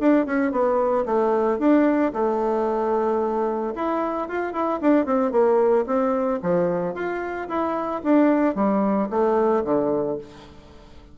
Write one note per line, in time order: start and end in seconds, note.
0.00 0.26 D4
0.26 0.52 C#4
0.52 1.05 B3
1.05 1.59 A3
1.59 2.13 D4
2.13 3.74 A3
3.75 4.29 E4
4.29 4.53 F4
4.53 4.80 E4
4.81 5.06 D4
5.06 5.32 C4
5.32 5.85 A#3
5.86 6.40 C4
6.42 6.94 F3
6.94 7.48 F4
7.48 8.02 E4
8.03 8.55 D4
8.55 9.09 G3
9.10 9.64 A3
9.65 10.18 D3